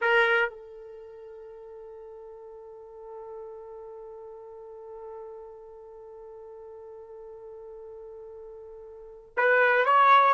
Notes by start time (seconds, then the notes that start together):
0.01 A#4
0.49 A4
9.36 B4
9.85 C#5